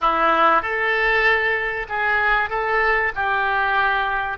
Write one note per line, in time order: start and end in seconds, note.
0.01 0.62 E4
0.62 1.87 A4
1.88 2.49 G#4
2.49 3.12 A4
3.15 4.38 G4